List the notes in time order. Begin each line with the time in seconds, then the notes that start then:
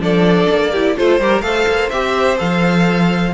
0.00 F3 D4 A4 D5
0.50 A#3
0.72 E4 G4
0.97 A3 F4 A4 C5
1.20 G3 G4 A#4
1.42 A3 A4 C5 F5
1.68 A#3
1.90 C4 G4 E5
2.37 F3 A4 F5